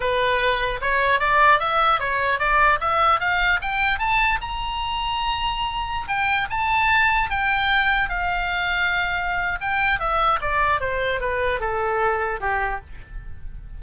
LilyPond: \new Staff \with { instrumentName = "oboe" } { \time 4/4 \tempo 4 = 150 b'2 cis''4 d''4 | e''4 cis''4 d''4 e''4 | f''4 g''4 a''4 ais''4~ | ais''2.~ ais''16 g''8.~ |
g''16 a''2 g''4.~ g''16~ | g''16 f''2.~ f''8. | g''4 e''4 d''4 c''4 | b'4 a'2 g'4 | }